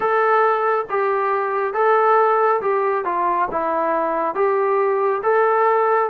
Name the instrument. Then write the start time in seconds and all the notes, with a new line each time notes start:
trombone
0.00 A4
0.89 G4
1.74 A4
2.61 G4
3.04 F4
3.51 E4
4.34 G4
5.23 A4